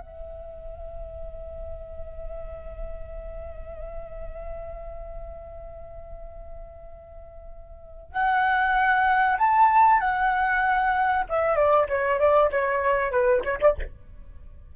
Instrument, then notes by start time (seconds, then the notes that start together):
flute
0.00 E5
8.12 F#5
9.38 A5
10.00 F#5
11.29 E5
11.56 D5
11.89 C#5
12.20 D5
12.52 C#5
13.11 B4
13.44 C#5
13.60 D5